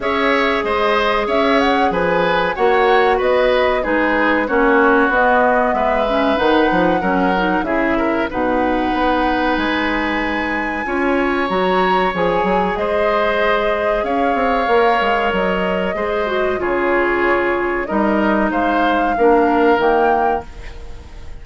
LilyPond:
<<
  \new Staff \with { instrumentName = "flute" } { \time 4/4 \tempo 4 = 94 e''4 dis''4 e''8 fis''8 gis''4 | fis''4 dis''4 b'4 cis''4 | dis''4 e''4 fis''2 | e''4 fis''2 gis''4~ |
gis''2 ais''4 gis''4 | dis''2 f''2 | dis''2 cis''2 | dis''4 f''2 g''4 | }
  \new Staff \with { instrumentName = "oboe" } { \time 4/4 cis''4 c''4 cis''4 b'4 | cis''4 b'4 gis'4 fis'4~ | fis'4 b'2 ais'4 | gis'8 ais'8 b'2.~ |
b'4 cis''2. | c''2 cis''2~ | cis''4 c''4 gis'2 | ais'4 c''4 ais'2 | }
  \new Staff \with { instrumentName = "clarinet" } { \time 4/4 gis'1 | fis'2 dis'4 cis'4 | b4. cis'8 dis'4 cis'8 dis'8 | e'4 dis'2.~ |
dis'4 f'4 fis'4 gis'4~ | gis'2. ais'4~ | ais'4 gis'8 fis'8 f'2 | dis'2 d'4 ais4 | }
  \new Staff \with { instrumentName = "bassoon" } { \time 4/4 cis'4 gis4 cis'4 f4 | ais4 b4 gis4 ais4 | b4 gis4 dis8 f8 fis4 | cis4 b,4 b4 gis4~ |
gis4 cis'4 fis4 f8 fis8 | gis2 cis'8 c'8 ais8 gis8 | fis4 gis4 cis2 | g4 gis4 ais4 dis4 | }
>>